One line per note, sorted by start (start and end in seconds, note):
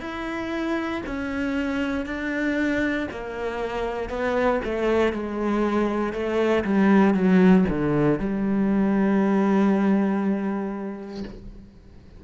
0.00 1.02 E4
1.06 2.06 C#4
2.06 3.07 D4
3.11 4.09 A#3
4.09 4.60 B3
4.64 5.12 A3
5.12 6.13 G#3
6.13 6.64 A3
6.64 7.14 G3
7.14 7.65 F#3
7.69 8.19 D3
8.19 11.24 G3